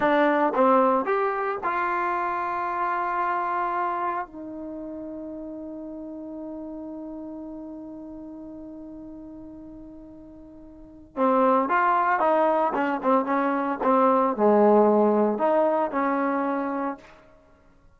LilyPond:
\new Staff \with { instrumentName = "trombone" } { \time 4/4 \tempo 4 = 113 d'4 c'4 g'4 f'4~ | f'1 | dis'1~ | dis'1~ |
dis'1~ | dis'4 c'4 f'4 dis'4 | cis'8 c'8 cis'4 c'4 gis4~ | gis4 dis'4 cis'2 | }